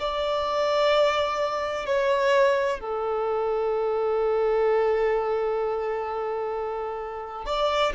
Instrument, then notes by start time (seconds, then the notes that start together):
violin
0.00 D5
1.87 C#5
2.80 A4
7.46 D5